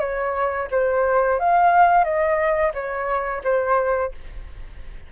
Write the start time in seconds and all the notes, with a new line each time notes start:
0.00 C#5
0.71 C5
1.39 F5
2.04 D#5
2.74 C#5
3.44 C5